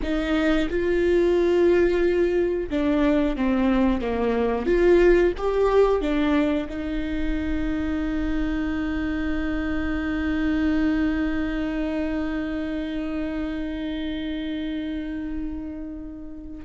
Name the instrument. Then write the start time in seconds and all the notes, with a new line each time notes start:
viola
0.02 D#4
0.69 F4
2.69 D4
3.36 C4
4.01 A#3
4.65 F4
5.37 G4
6.01 D4
6.69 D#4